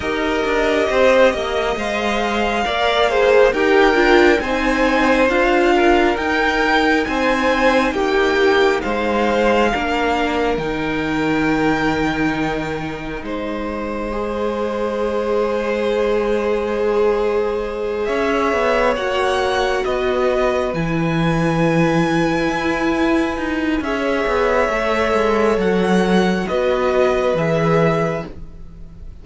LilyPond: <<
  \new Staff \with { instrumentName = "violin" } { \time 4/4 \tempo 4 = 68 dis''2 f''2 | g''4 gis''4 f''4 g''4 | gis''4 g''4 f''2 | g''2. dis''4~ |
dis''1~ | dis''8 e''4 fis''4 dis''4 gis''8~ | gis''2. e''4~ | e''4 fis''4 dis''4 e''4 | }
  \new Staff \with { instrumentName = "violin" } { \time 4/4 ais'4 c''8 dis''4. d''8 c''8 | ais'4 c''4. ais'4. | c''4 g'4 c''4 ais'4~ | ais'2. c''4~ |
c''1~ | c''8 cis''2 b'4.~ | b'2. cis''4~ | cis''2 b'2 | }
  \new Staff \with { instrumentName = "viola" } { \time 4/4 g'2 c''4 ais'8 gis'8 | g'8 f'8 dis'4 f'4 dis'4~ | dis'2. d'4 | dis'1 |
gis'1~ | gis'4. fis'2 e'8~ | e'2. gis'4 | a'2 fis'4 gis'4 | }
  \new Staff \with { instrumentName = "cello" } { \time 4/4 dis'8 d'8 c'8 ais8 gis4 ais4 | dis'8 d'8 c'4 d'4 dis'4 | c'4 ais4 gis4 ais4 | dis2. gis4~ |
gis1~ | gis8 cis'8 b8 ais4 b4 e8~ | e4. e'4 dis'8 cis'8 b8 | a8 gis8 fis4 b4 e4 | }
>>